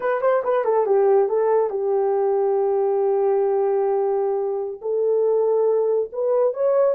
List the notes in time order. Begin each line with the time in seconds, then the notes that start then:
0.00 B4
0.21 C5
0.44 B4
0.64 A4
0.86 G4
1.28 A4
1.69 G4
4.81 A4
6.12 B4
6.53 C#5